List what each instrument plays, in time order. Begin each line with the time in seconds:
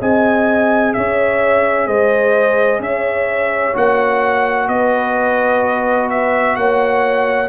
0.00 tuba C4, trombone G#4, horn D#5, trumpet G#5
0.93 tuba C#4, horn C#5, trumpet E5
1.87 tuba G#3, horn C5, trumpet D#5
2.79 tuba C#4, horn C#5, trumpet E5
3.73 tuba A#3, trombone F#4, trumpet F#5
4.68 tuba B3, horn B4, trumpet D#5
6.10 trumpet E5
6.55 tuba A#3, horn C#5, trumpet F#5